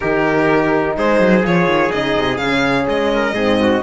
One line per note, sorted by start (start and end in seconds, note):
0.00 0.96 D#3
0.00 1.42 D#4
0.00 0.96 G4
0.00 0.96 A#4
0.96 1.20 G#3
0.96 3.13 G#4
0.96 1.45 C5
1.20 1.44 F#3
1.42 1.66 F3
1.42 1.90 F4
1.42 1.91 C#5
1.66 1.90 D#3
1.91 2.16 C#3
1.91 2.39 D#4
1.91 2.37 D#5
2.16 2.38 C3
2.37 2.86 C#3
2.37 3.35 C#4
2.37 2.85 F5
2.89 3.33 G#3
2.89 3.82 D#5
3.14 3.34 A#4
3.33 3.81 G#2
3.33 3.82 C4
3.33 3.58 G#4
3.60 3.82 F#4